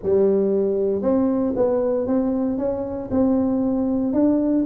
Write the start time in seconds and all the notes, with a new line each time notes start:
0.02 G3
1.01 C4
1.56 B3
2.06 C4
2.57 C#4
3.11 C4
4.13 D4